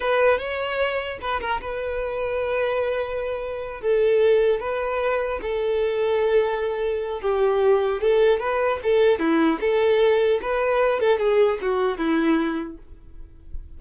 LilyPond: \new Staff \with { instrumentName = "violin" } { \time 4/4 \tempo 4 = 150 b'4 cis''2 b'8 ais'8 | b'1~ | b'4. a'2 b'8~ | b'4. a'2~ a'8~ |
a'2 g'2 | a'4 b'4 a'4 e'4 | a'2 b'4. a'8 | gis'4 fis'4 e'2 | }